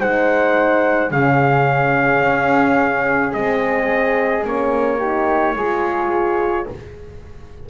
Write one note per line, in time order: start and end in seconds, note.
0.00 1.11 G#3
0.00 1.10 D#4
0.00 1.11 C5
0.00 1.12 F#5
1.10 2.22 C#3
1.10 3.33 C#4
1.10 4.98 G#4
1.10 3.33 F5
2.22 3.33 C#4
3.33 4.44 G#3
3.33 4.44 C4
3.33 4.44 D#5
4.44 5.55 A#3
4.44 4.99 C#4
4.44 6.69 C#5
4.98 5.57 D#4
4.98 5.54 G4
5.55 6.66 G#3
5.55 6.69 F4
5.55 6.66 G#4